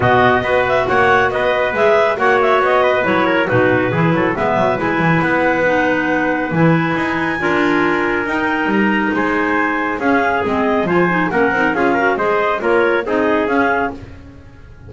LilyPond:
<<
  \new Staff \with { instrumentName = "clarinet" } { \time 4/4 \tempo 4 = 138 dis''4. e''8 fis''4 dis''4 | e''4 fis''8 e''8 dis''4 cis''4 | b'2 e''4 gis''4 | fis''2. gis''4~ |
gis''2. g''4 | ais''4 gis''2 f''4 | dis''4 gis''4 fis''4 f''4 | dis''4 cis''4 dis''4 f''4 | }
  \new Staff \with { instrumentName = "trumpet" } { \time 4/4 fis'4 b'4 cis''4 b'4~ | b'4 cis''4. b'4 ais'8 | fis'4 gis'8 a'8 b'2~ | b'1~ |
b'4 ais'2.~ | ais'4 c''2 gis'4~ | gis'4 c''4 ais'4 gis'8 ais'8 | c''4 ais'4 gis'2 | }
  \new Staff \with { instrumentName = "clarinet" } { \time 4/4 b4 fis'2. | gis'4 fis'2 e'4 | dis'4 e'4 b4 e'4~ | e'4 dis'2 e'4~ |
e'4 f'2 dis'4~ | dis'2. cis'4 | c'4 f'8 dis'8 cis'8 dis'8 f'8 fis'8 | gis'4 f'4 dis'4 cis'4 | }
  \new Staff \with { instrumentName = "double bass" } { \time 4/4 b,4 b4 ais4 b4 | gis4 ais4 b4 fis4 | b,4 e8 fis8 gis8 fis8 gis8 e8 | b2. e4 |
dis'4 d'2 dis'4 | g4 gis2 cis'4 | gis4 f4 ais8 c'8 cis'4 | gis4 ais4 c'4 cis'4 | }
>>